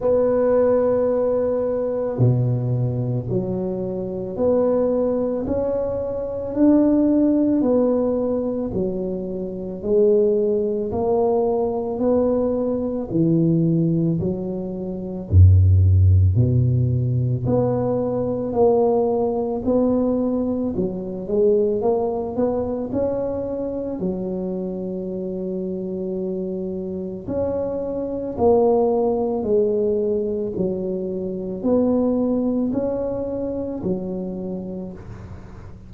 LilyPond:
\new Staff \with { instrumentName = "tuba" } { \time 4/4 \tempo 4 = 55 b2 b,4 fis4 | b4 cis'4 d'4 b4 | fis4 gis4 ais4 b4 | e4 fis4 fis,4 b,4 |
b4 ais4 b4 fis8 gis8 | ais8 b8 cis'4 fis2~ | fis4 cis'4 ais4 gis4 | fis4 b4 cis'4 fis4 | }